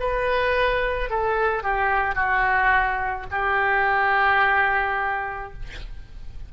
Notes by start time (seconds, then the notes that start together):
0.00 B4
1.10 A4
1.63 G4
2.15 F#4
3.31 G4